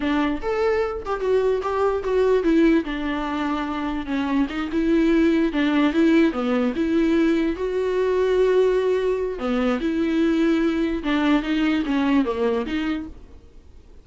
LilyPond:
\new Staff \with { instrumentName = "viola" } { \time 4/4 \tempo 4 = 147 d'4 a'4. g'8 fis'4 | g'4 fis'4 e'4 d'4~ | d'2 cis'4 dis'8 e'8~ | e'4. d'4 e'4 b8~ |
b8 e'2 fis'4.~ | fis'2. b4 | e'2. d'4 | dis'4 cis'4 ais4 dis'4 | }